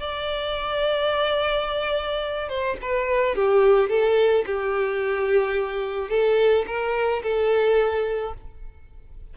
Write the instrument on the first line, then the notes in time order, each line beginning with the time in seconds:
violin
0.00 D5
2.49 C5
2.82 B4
3.36 G4
3.90 A4
4.46 G4
6.10 A4
6.67 A#4
7.23 A4